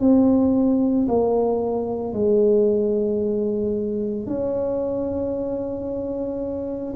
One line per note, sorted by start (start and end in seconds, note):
0.00 1.07 C4
1.08 2.13 A#3
2.13 4.26 G#3
4.26 6.94 C#4